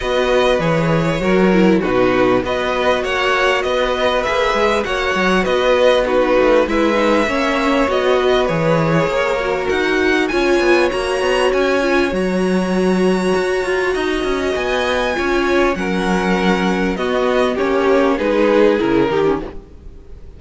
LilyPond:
<<
  \new Staff \with { instrumentName = "violin" } { \time 4/4 \tempo 4 = 99 dis''4 cis''2 b'4 | dis''4 fis''4 dis''4 e''4 | fis''4 dis''4 b'4 e''4~ | e''4 dis''4 cis''2 |
fis''4 gis''4 ais''4 gis''4 | ais''1 | gis''2 fis''2 | dis''4 cis''4 b'4 ais'4 | }
  \new Staff \with { instrumentName = "violin" } { \time 4/4 b'2 ais'4 fis'4 | b'4 cis''4 b'2 | cis''4 b'4 fis'4 b'4 | cis''4. b'4. ais'4~ |
ais'4 cis''2.~ | cis''2. dis''4~ | dis''4 cis''4 ais'2 | fis'4 g'4 gis'4. g'8 | }
  \new Staff \with { instrumentName = "viola" } { \time 4/4 fis'4 gis'4 fis'8 e'8 dis'4 | fis'2. gis'4 | fis'2 dis'4 e'8 dis'8 | cis'4 fis'4 gis'4. fis'8~ |
fis'4 f'4 fis'4. f'8 | fis'1~ | fis'4 f'4 cis'2 | b4 cis'4 dis'4 e'8 dis'16 cis'16 | }
  \new Staff \with { instrumentName = "cello" } { \time 4/4 b4 e4 fis4 b,4 | b4 ais4 b4 ais8 gis8 | ais8 fis8 b4. a8 gis4 | ais4 b4 e4 ais4 |
dis'4 cis'8 b8 ais8 b8 cis'4 | fis2 fis'8 f'8 dis'8 cis'8 | b4 cis'4 fis2 | b4 ais4 gis4 cis8 dis8 | }
>>